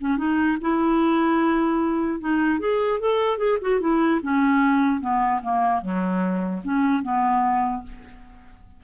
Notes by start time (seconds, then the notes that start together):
0.00 C#4
0.17 D#4
0.61 E4
2.20 D#4
2.59 G#4
2.99 A4
3.38 G#4
3.61 F#4
3.80 E4
4.22 C#4
5.00 B3
5.42 A#3
5.81 F#3
6.64 C#4
7.02 B3